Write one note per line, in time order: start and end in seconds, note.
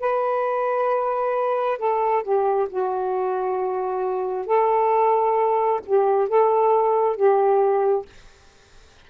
0.00 1.78 B4
1.78 2.23 A4
2.23 2.68 G4
2.70 4.47 F#4
4.47 5.81 A4
5.86 6.28 G4
6.28 7.16 A4
7.16 8.06 G4